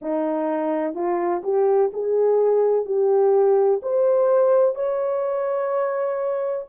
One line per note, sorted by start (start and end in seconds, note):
0.01 0.94 D#4
0.94 1.42 F4
1.43 1.91 G4
1.93 2.85 G#4
2.85 3.81 G4
3.82 4.74 C5
4.74 6.65 C#5